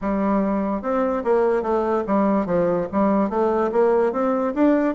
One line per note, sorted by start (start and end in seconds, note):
0.01 0.81 G3
0.81 1.23 C4
1.23 1.62 A#3
1.62 2.03 A3
2.07 2.46 G3
2.46 2.87 F3
2.92 3.29 G3
3.29 3.70 A3
3.72 4.12 A#3
4.12 4.53 C4
4.54 4.94 D4